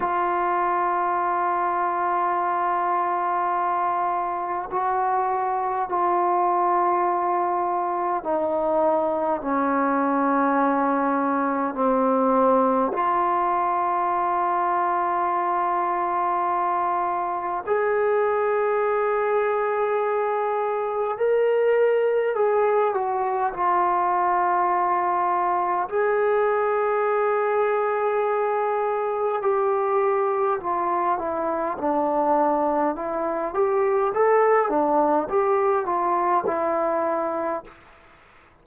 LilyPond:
\new Staff \with { instrumentName = "trombone" } { \time 4/4 \tempo 4 = 51 f'1 | fis'4 f'2 dis'4 | cis'2 c'4 f'4~ | f'2. gis'4~ |
gis'2 ais'4 gis'8 fis'8 | f'2 gis'2~ | gis'4 g'4 f'8 e'8 d'4 | e'8 g'8 a'8 d'8 g'8 f'8 e'4 | }